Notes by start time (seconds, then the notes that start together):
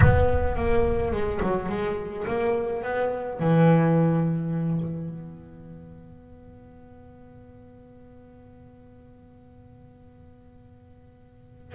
0.00 B3
0.56 A#3
1.12 G#3
1.42 F#3
1.68 G#3
2.27 A#3
2.83 B3
3.39 E3
5.09 B3